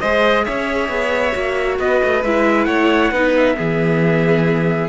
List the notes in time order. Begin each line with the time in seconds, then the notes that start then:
0.00 G#3 G#4 C5 D#5
0.45 C#4 C#5 E5
0.89 B3
1.32 A#3 F#4
1.79 B3 B4 D#5
2.04 A3
2.24 G#3 E4 E5
2.65 A3 C#5 F#5
3.12 B3 D#4 B4
3.37 E5
3.55 E3 B3 G#4